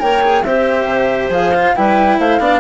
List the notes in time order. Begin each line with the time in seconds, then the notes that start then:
0.00 A#3 A#4 C#5 G5
0.22 G#4
0.43 C4 G4 C5 E5
0.85 C3
1.29 F3 G#4 F5
1.55 F4
1.76 G3 E4 B4 G5
2.19 A3 C5 F5
2.39 B3 D4 D5